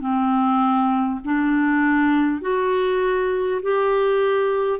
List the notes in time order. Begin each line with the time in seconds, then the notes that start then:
0.00 C4
1.25 D4
2.42 F#4
3.63 G4